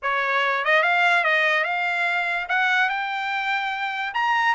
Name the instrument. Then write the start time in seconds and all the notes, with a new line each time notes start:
trumpet
0.02 C#5
0.65 D#5
0.83 F5
1.23 D#5
1.64 F5
2.48 F#5
2.89 G5
4.14 A#5